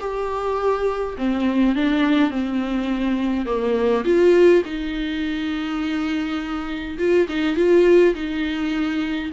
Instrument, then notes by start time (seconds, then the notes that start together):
viola
0.00 G4
1.18 C4
1.76 D4
2.31 C4
3.46 A#3
4.05 F4
4.65 D#4
6.98 F4
7.29 D#4
7.56 F4
8.15 D#4